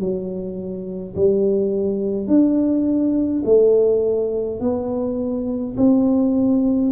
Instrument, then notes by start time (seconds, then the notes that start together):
tuba
0.00 F#3
1.16 G3
2.28 D4
3.46 A3
4.61 B3
5.77 C4